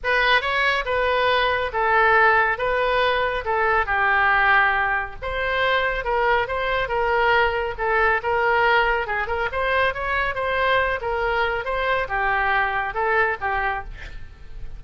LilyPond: \new Staff \with { instrumentName = "oboe" } { \time 4/4 \tempo 4 = 139 b'4 cis''4 b'2 | a'2 b'2 | a'4 g'2. | c''2 ais'4 c''4 |
ais'2 a'4 ais'4~ | ais'4 gis'8 ais'8 c''4 cis''4 | c''4. ais'4. c''4 | g'2 a'4 g'4 | }